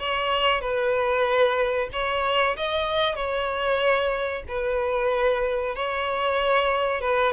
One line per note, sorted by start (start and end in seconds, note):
0.00 0.62 C#5
0.62 1.89 B4
1.93 2.57 C#5
2.57 3.16 D#5
3.16 4.44 C#5
4.49 5.76 B4
5.76 7.02 C#5
7.02 7.33 B4